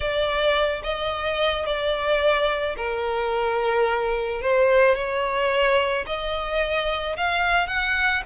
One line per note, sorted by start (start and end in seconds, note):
0.00 0.82 D5
0.83 1.65 D#5
1.65 2.75 D5
2.76 4.41 A#4
4.41 4.95 C5
4.95 6.05 C#5
6.06 7.16 D#5
7.16 7.67 F5
7.67 8.22 F#5